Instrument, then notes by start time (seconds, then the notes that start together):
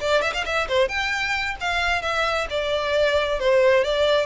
violin
0.00 D5
0.21 E5
0.33 F5
0.45 E5
0.68 C5
0.88 G5
1.60 F5
2.02 E5
2.50 D5
3.39 C5
3.84 D5